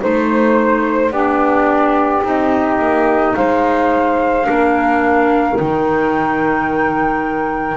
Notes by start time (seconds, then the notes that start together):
0.00 A3 D#4 C5
1.11 B3 D4 G4 D5
2.22 C4 D#4 D#5
2.79 A#3
3.35 G#3 C5 F5
4.44 A#3 D4 A#4
5.54 D#4 G5
5.61 D#3